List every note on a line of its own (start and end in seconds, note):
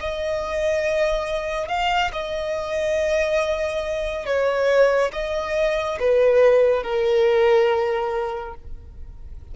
0.00 1.68 D#5
1.68 2.11 F5
2.12 4.25 D#5
4.25 5.11 C#5
5.12 5.98 D#5
6.00 6.83 B4
6.83 8.54 A#4